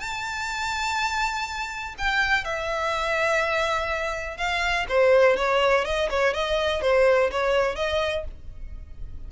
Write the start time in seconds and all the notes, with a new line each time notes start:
0.00 A5
1.98 G5
2.45 E5
4.38 F5
4.89 C5
5.37 C#5
5.85 D#5
6.10 C#5
6.34 D#5
6.82 C5
7.31 C#5
7.76 D#5